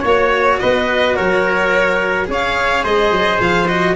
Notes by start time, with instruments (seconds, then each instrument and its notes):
0.00 tuba A#3, cello F#4, trumpet C#5, violin C#5
0.59 tuba B3, trumpet B4, violin D#5
1.15 tuba F#3, trumpet A#4, violin C#5
2.25 tuba C#4, cello G#4, trumpet C#5
2.33 violin F5
2.84 tuba G#3, trumpet C5, violin D#5
3.12 tuba F#3
3.40 tuba F3, violin F5
3.67 cello F#4, violin D#5